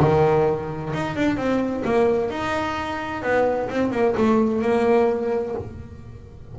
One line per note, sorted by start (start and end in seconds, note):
0.00 0.93 D#3
0.94 1.16 D#4
1.16 1.37 D4
1.37 1.84 C4
1.85 2.31 A#3
2.31 3.23 D#4
3.23 3.69 B3
3.70 3.92 C4
3.92 4.15 A#3
4.18 4.62 A3
4.62 5.55 A#3